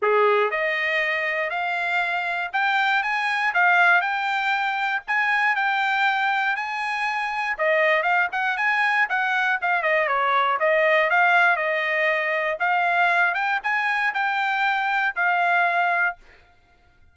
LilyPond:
\new Staff \with { instrumentName = "trumpet" } { \time 4/4 \tempo 4 = 119 gis'4 dis''2 f''4~ | f''4 g''4 gis''4 f''4 | g''2 gis''4 g''4~ | g''4 gis''2 dis''4 |
f''8 fis''8 gis''4 fis''4 f''8 dis''8 | cis''4 dis''4 f''4 dis''4~ | dis''4 f''4. g''8 gis''4 | g''2 f''2 | }